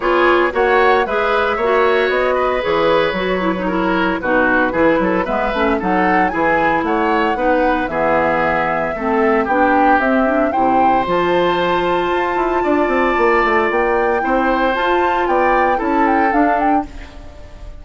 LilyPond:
<<
  \new Staff \with { instrumentName = "flute" } { \time 4/4 \tempo 4 = 114 cis''4 fis''4 e''2 | dis''4 cis''2. | b'2 e''4 fis''4 | gis''4 fis''2 e''4~ |
e''2 g''4 e''4 | g''4 a''2.~ | a''2 g''2 | a''4 g''4 a''8 g''8 f''8 g''8 | }
  \new Staff \with { instrumentName = "oboe" } { \time 4/4 gis'4 cis''4 b'4 cis''4~ | cis''8 b'2~ b'8 ais'4 | fis'4 gis'8 a'8 b'4 a'4 | gis'4 cis''4 b'4 gis'4~ |
gis'4 a'4 g'2 | c''1 | d''2. c''4~ | c''4 d''4 a'2 | }
  \new Staff \with { instrumentName = "clarinet" } { \time 4/4 f'4 fis'4 gis'4 fis'4~ | fis'4 gis'4 fis'8 e'16 dis'16 e'4 | dis'4 e'4 b8 cis'8 dis'4 | e'2 dis'4 b4~ |
b4 c'4 d'4 c'8 d'8 | e'4 f'2.~ | f'2. e'4 | f'2 e'4 d'4 | }
  \new Staff \with { instrumentName = "bassoon" } { \time 4/4 b4 ais4 gis4 ais4 | b4 e4 fis2 | b,4 e8 fis8 gis8 a8 fis4 | e4 a4 b4 e4~ |
e4 a4 b4 c'4 | c4 f2 f'8 e'8 | d'8 c'8 ais8 a8 ais4 c'4 | f'4 b4 cis'4 d'4 | }
>>